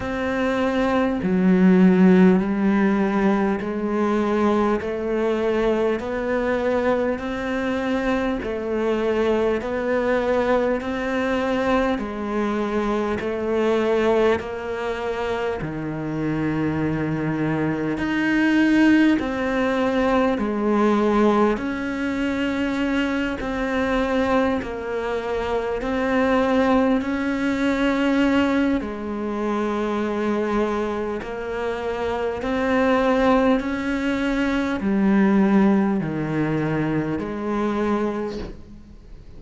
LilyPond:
\new Staff \with { instrumentName = "cello" } { \time 4/4 \tempo 4 = 50 c'4 fis4 g4 gis4 | a4 b4 c'4 a4 | b4 c'4 gis4 a4 | ais4 dis2 dis'4 |
c'4 gis4 cis'4. c'8~ | c'8 ais4 c'4 cis'4. | gis2 ais4 c'4 | cis'4 g4 dis4 gis4 | }